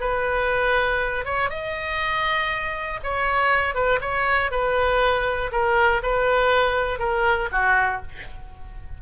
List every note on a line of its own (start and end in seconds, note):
0.00 1.25 B4
1.25 1.50 C#5
1.50 3.00 D#5
3.03 3.74 C#5
3.74 3.99 B4
4.01 4.51 C#5
4.51 5.51 B4
5.52 6.02 A#4
6.02 6.99 B4
6.99 7.49 A#4
7.52 8.02 F#4